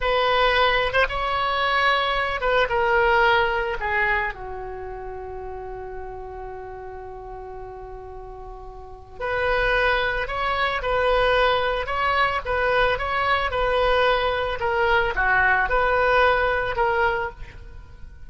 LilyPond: \new Staff \with { instrumentName = "oboe" } { \time 4/4 \tempo 4 = 111 b'4.~ b'16 c''16 cis''2~ | cis''8 b'8 ais'2 gis'4 | fis'1~ | fis'1~ |
fis'4 b'2 cis''4 | b'2 cis''4 b'4 | cis''4 b'2 ais'4 | fis'4 b'2 ais'4 | }